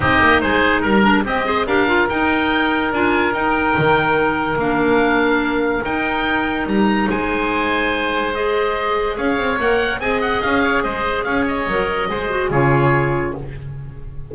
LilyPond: <<
  \new Staff \with { instrumentName = "oboe" } { \time 4/4 \tempo 4 = 144 dis''4 c''4 ais'4 dis''4 | f''4 g''2 gis''4 | g''2. f''4~ | f''2 g''2 |
ais''4 gis''2. | dis''2 f''4 fis''4 | gis''8 fis''8 f''4 dis''4 f''8 dis''8~ | dis''2 cis''2 | }
  \new Staff \with { instrumentName = "oboe" } { \time 4/4 g'4 gis'4 ais'4 g'8 c''8 | ais'1~ | ais'1~ | ais'1~ |
ais'4 c''2.~ | c''2 cis''2 | dis''4. cis''8 c''4 cis''4~ | cis''4 c''4 gis'2 | }
  \new Staff \with { instrumentName = "clarinet" } { \time 4/4 dis'2~ dis'8 d'8 c'8 gis'8 | g'8 f'8 dis'2 f'4 | dis'2. d'4~ | d'2 dis'2~ |
dis'1 | gis'2. ais'4 | gis'1 | ais'4 gis'8 fis'8 f'2 | }
  \new Staff \with { instrumentName = "double bass" } { \time 4/4 c'8 ais8 gis4 g4 c'4 | d'4 dis'2 d'4 | dis'4 dis2 ais4~ | ais2 dis'2 |
g4 gis2.~ | gis2 cis'8 c'8 ais4 | c'4 cis'4 gis4 cis'4 | fis4 gis4 cis2 | }
>>